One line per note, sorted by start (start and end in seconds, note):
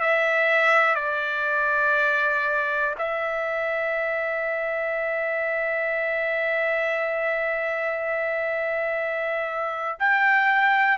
0.00 0.95 E5
0.95 2.95 D5
2.98 9.98 E5
9.99 10.97 G5